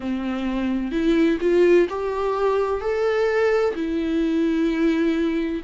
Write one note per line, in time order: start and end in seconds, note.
0.00 0.91 C4
0.91 1.38 E4
1.41 1.87 F4
1.89 2.80 G4
2.80 3.74 A4
3.75 5.62 E4